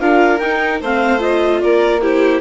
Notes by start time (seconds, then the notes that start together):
0.00 D4 F4 A#4 F5
0.39 D#4 G5
0.81 A3 C4 C5 F5
1.19 F4 D#5
1.61 A#3 A#4 D5
2.02 E4 G4 C5